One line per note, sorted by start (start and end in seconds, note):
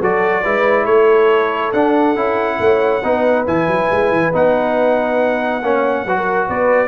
0.00 0.45 F#3
0.00 0.44 F#4
0.00 0.43 A4
0.00 0.86 D5
0.44 0.87 G#3
0.44 1.74 E4
0.44 0.85 B4
0.85 1.73 A3
0.85 2.58 A4
0.85 1.72 C#5
1.73 2.16 D4
1.73 3.46 F#5
2.16 2.59 C#4
2.16 3.03 E4
2.60 3.03 A3
2.60 3.03 C#5
3.03 3.47 B3
3.03 3.47 D#4
3.03 5.62 B4
3.47 3.68 E3
3.47 4.33 E4
3.47 4.33 G#5
3.68 3.89 F#3
3.91 4.12 G#3
4.12 4.34 E3
4.33 5.63 B3
4.33 5.63 D#4
4.33 6.50 F#5
5.63 6.06 A#3
5.63 6.07 C#4
5.63 6.06 C#5
6.06 6.49 F#3
6.06 6.88 F#4
6.06 6.16 B4
6.18 6.48 A#4
6.48 6.88 B3
6.48 6.88 B4
6.48 6.88 D5